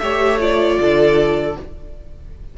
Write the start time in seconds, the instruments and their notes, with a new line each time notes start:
0.00 cello A3, viola G4, violin C#5 E5
0.40 viola F4, violin D5
0.80 cello D3, violin A4